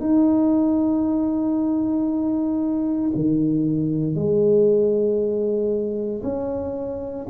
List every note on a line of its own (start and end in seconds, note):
0.00 3.10 D#4
3.15 4.15 D#3
4.15 6.22 G#3
6.23 7.26 C#4